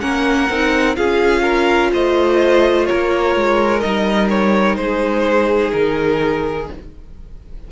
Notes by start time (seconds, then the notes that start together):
0.00 A#3 C#4 A#4 F#5
0.49 C4 D#4
0.95 C#4 F4 G#4 F5
1.42 A#4
1.92 A3 C5 D#5
2.86 A#3 A#4 C#5
3.36 G#3
3.80 G3 D#4 D#5
4.29 C#5
4.76 G#3 G#4 C5
5.72 D#3 A#4